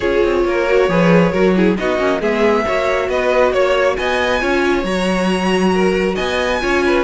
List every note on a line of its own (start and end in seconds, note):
0.00 0.22 C#4
0.00 0.67 F4
0.00 0.44 G#4
0.00 1.76 C#5
0.23 0.44 C4
0.44 0.88 A#3
0.44 0.89 A#4
0.67 0.89 F#4
0.88 1.32 F3
0.88 1.33 G#4
0.88 1.32 B4
1.32 1.77 F#3
1.32 1.55 F#4
1.32 1.54 A#4
1.55 1.77 E4
1.55 1.78 G#4
1.77 1.99 B3
1.77 1.98 D#4
1.77 2.20 F#4
1.77 2.21 D#5
1.98 2.20 A#3
1.98 2.20 C#4
2.20 2.64 G#3
2.20 2.65 B3
2.20 2.64 G#4
2.20 3.09 E5
2.65 3.08 A#3
2.65 4.40 F#4
2.65 3.09 C#5
3.08 3.52 B3
3.08 3.52 B4
3.08 3.53 D#5
3.52 3.96 A#3
3.52 3.96 C#5
3.96 4.41 B3
3.96 4.41 D#5
3.96 4.84 G#5
4.40 4.83 C#4
4.40 4.84 F4
4.40 5.73 C#5
4.83 6.15 F#3
4.83 6.60 F#4
4.83 6.15 A#5
5.73 6.15 A#4
6.15 6.62 B3
6.15 6.59 D#5
6.15 7.03 G#5
6.60 7.04 C#4
6.60 7.04 F4
6.60 6.84 C#5
6.85 7.04 B4